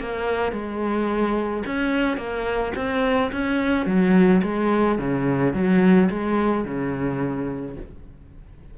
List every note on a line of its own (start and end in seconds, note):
0.00 0.52 A#3
0.52 1.63 G#3
1.66 2.17 C#4
2.17 2.72 A#3
2.76 3.31 C4
3.32 3.86 C#4
3.86 4.41 F#3
4.43 4.98 G#3
4.98 5.54 C#3
5.54 6.09 F#3
6.10 6.65 G#3
6.65 7.76 C#3